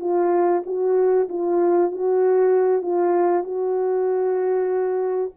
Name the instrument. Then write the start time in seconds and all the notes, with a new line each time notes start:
horn
0.00 F4
0.66 F#4
1.29 F4
1.91 F#4
2.82 F4
3.43 F#4